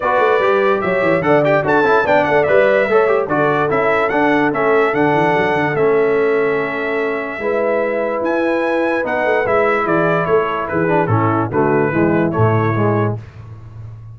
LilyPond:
<<
  \new Staff \with { instrumentName = "trumpet" } { \time 4/4 \tempo 4 = 146 d''2 e''4 fis''8 g''8 | a''4 g''8 fis''8 e''2 | d''4 e''4 fis''4 e''4 | fis''2 e''2~ |
e''1 | gis''2 fis''4 e''4 | d''4 cis''4 b'4 a'4 | b'2 cis''2 | }
  \new Staff \with { instrumentName = "horn" } { \time 4/4 b'2 cis''4 d''4 | a'4 d''2 cis''4 | a'1~ | a'1~ |
a'2 b'2~ | b'1 | gis'4 a'4 gis'4 e'4 | fis'4 e'2. | }
  \new Staff \with { instrumentName = "trombone" } { \time 4/4 fis'4 g'2 a'8 g'8 | fis'8 e'8 d'4 b'4 a'8 g'8 | fis'4 e'4 d'4 cis'4 | d'2 cis'2~ |
cis'2 e'2~ | e'2 dis'4 e'4~ | e'2~ e'8 d'8 cis'4 | a4 gis4 a4 gis4 | }
  \new Staff \with { instrumentName = "tuba" } { \time 4/4 b8 a8 g4 fis8 e8 d4 | d'8 cis'8 b8 a8 g4 a4 | d4 cis'4 d'4 a4 | d8 e8 fis8 d8 a2~ |
a2 gis2 | e'2 b8 a8 gis4 | e4 a4 e4 a,4 | d4 e4 a,2 | }
>>